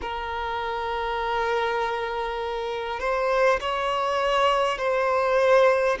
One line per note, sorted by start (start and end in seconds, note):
0.01 2.99 A#4
2.99 3.59 C5
3.60 4.77 C#5
4.77 5.97 C5